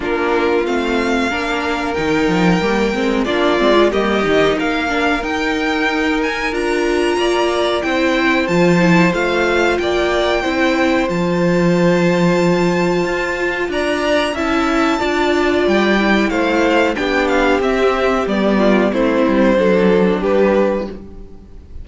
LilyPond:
<<
  \new Staff \with { instrumentName = "violin" } { \time 4/4 \tempo 4 = 92 ais'4 f''2 g''4~ | g''4 d''4 dis''4 f''4 | g''4. gis''8 ais''2 | g''4 a''4 f''4 g''4~ |
g''4 a''2.~ | a''4 ais''4 a''2 | g''4 f''4 g''8 f''8 e''4 | d''4 c''2 b'4 | }
  \new Staff \with { instrumentName = "violin" } { \time 4/4 f'2 ais'2~ | ais'4 f'4 g'4 ais'4~ | ais'2. d''4 | c''2. d''4 |
c''1~ | c''4 d''4 e''4 d''4~ | d''4 c''4 g'2~ | g'8 f'8 e'4 a'4 g'4 | }
  \new Staff \with { instrumentName = "viola" } { \time 4/4 d'4 c'4 d'4 dis'4 | ais8 c'8 d'8 c'16 f'16 ais8 dis'4 d'8 | dis'2 f'2 | e'4 f'8 e'8 f'2 |
e'4 f'2.~ | f'2 e'4 f'4~ | f'8 e'4. d'4 c'4 | b4 c'4 d'2 | }
  \new Staff \with { instrumentName = "cello" } { \time 4/4 ais4 a4 ais4 dis8 f8 | g8 gis8 ais8 gis8 g8 dis8 ais4 | dis'2 d'4 ais4 | c'4 f4 a4 ais4 |
c'4 f2. | f'4 d'4 cis'4 d'4 | g4 a4 b4 c'4 | g4 a8 g8 fis4 g4 | }
>>